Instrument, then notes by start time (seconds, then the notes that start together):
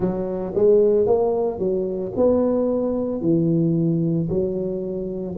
tuba
0.00 F#3
0.54 G#3
1.06 A#3
1.58 F#3
2.16 B3
3.21 E3
4.29 F#3